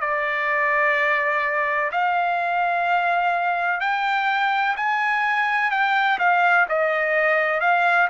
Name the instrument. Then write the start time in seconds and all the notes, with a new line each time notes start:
trumpet
0.00 D5
1.91 F5
3.80 G5
4.76 G#5
5.71 G5
6.19 F5
6.68 D#5
7.60 F5